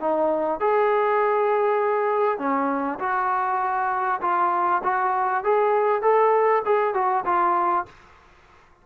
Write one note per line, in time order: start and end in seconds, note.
0.00 0.60 D#4
0.60 2.39 G#4
2.39 2.99 C#4
2.99 4.20 F#4
4.21 4.82 F4
4.84 5.44 F#4
5.44 6.02 G#4
6.02 6.63 A4
6.65 6.94 G#4
6.94 7.25 F#4
7.25 7.86 F4